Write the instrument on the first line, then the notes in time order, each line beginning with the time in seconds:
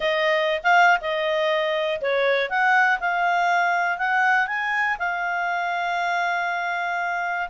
clarinet
0.00 D#5
0.62 F5
1.00 D#5
2.01 C#5
2.49 F#5
3.00 F5
3.97 F#5
4.47 G#5
4.99 F5